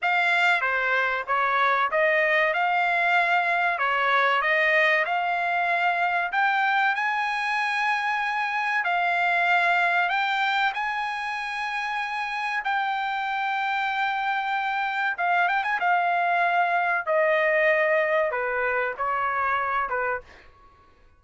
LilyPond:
\new Staff \with { instrumentName = "trumpet" } { \time 4/4 \tempo 4 = 95 f''4 c''4 cis''4 dis''4 | f''2 cis''4 dis''4 | f''2 g''4 gis''4~ | gis''2 f''2 |
g''4 gis''2. | g''1 | f''8 g''16 gis''16 f''2 dis''4~ | dis''4 b'4 cis''4. b'8 | }